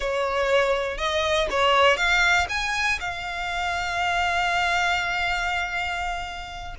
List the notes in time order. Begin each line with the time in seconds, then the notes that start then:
0.00 C#5
0.97 D#5
1.50 C#5
1.96 F5
2.49 G#5
3.00 F5